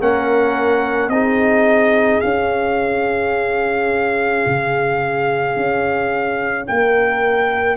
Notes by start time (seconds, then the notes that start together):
0.00 A#3 C#4 A#4 F#5
1.08 C4 D#4 G#4 D#5
2.20 C#4 F5
4.46 C#3
5.56 C#4
6.67 A#3 A#4 G5